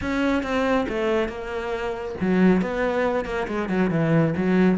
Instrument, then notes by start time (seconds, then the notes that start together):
cello
0.01 C#4
0.42 C4
0.88 A3
1.28 A#3
2.21 F#3
2.61 B3
3.25 A#3
3.47 G#3
3.69 F#3
3.90 E3
4.36 F#3